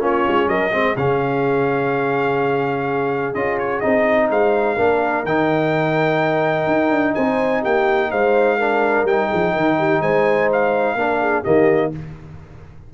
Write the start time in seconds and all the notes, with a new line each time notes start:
0.00 A#3 C#4 F4 C#5
0.28 G#3
0.48 F#3 A#4 D#5
0.72 G#3 C4 G#4
0.97 C#3 C#4 F5
3.35 C#4 F4 D#5
3.59 C#5
3.80 C4 D#4 D#5
4.30 G#3 C5 F5
4.76 A#3 D4 A#4
5.24 D#3 D#4 G5
6.67 D#4
6.91 D4
7.15 C4 C5 G#5
7.62 A#3 G4 G5
8.11 G#3 C5 F5
8.57 D4 A#4
9.04 G3 D#4 G5
9.28 F3 G#4
9.53 D#3 A#4
9.78 G4
10.02 G#3 C5 G#5
10.53 F5
10.96 A#3 D4 A#4
11.21 G#4
11.43 D#3 A#3 G4 D#5